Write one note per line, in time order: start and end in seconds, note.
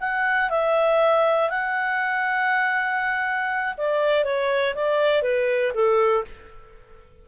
0.00 0.50 F#5
0.50 1.49 E5
1.49 3.74 F#5
3.77 4.24 D5
4.24 4.74 C#5
4.75 5.22 D5
5.22 5.72 B4
5.74 6.24 A4